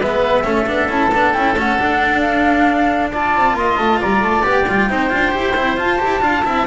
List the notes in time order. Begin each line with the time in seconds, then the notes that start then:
0.00 G#3 B3 B4 E5
0.44 A3 C#4 A4
0.67 B3 D4
0.89 C#4 E4 A5
1.12 B3 D4
1.34 C#4 E4 G5
1.56 A3 C#4 F#5
1.79 D4
2.20 F5
3.12 F4 D5 A5
3.37 C4
3.54 A#3 D#5 C6
3.78 A3 A5
4.00 G3 D5 A#5
4.20 A3 A5
4.43 B3 G4
4.51 G5
4.68 G3 F4
4.90 C4 D#4 C5
5.10 D4 F4
5.32 E4 G4
5.56 C4 E4
5.77 F4 A5
5.99 E4 G4
6.21 D4 F4 F5
6.45 C4 E4 E5